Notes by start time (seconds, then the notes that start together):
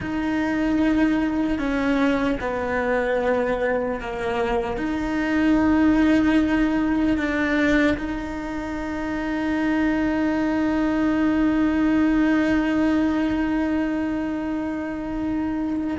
0.00 D#4
1.58 C#4
2.40 B3
4.00 A#3
4.77 D#4
7.17 D4
7.97 D#4